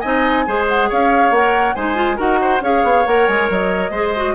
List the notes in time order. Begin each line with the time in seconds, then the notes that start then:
0.00 C4 D#4 D#5 G#5
0.47 G#3 G#4 C5
0.69 F#5
0.89 C#4 C#5 F5
1.31 A#3 A#4 F#5
1.75 G#3 D#4 C5 G#5
1.95 F4
2.17 D#4 F#4 A#4 F#5
2.41 C5
2.61 C#4 G#4 C#5 F5
2.84 B3
3.06 A#3 A#4 F#5
3.27 G#3 G#5
3.50 F#3 D#5
3.90 G#3 G#4 C5
4.16 F#4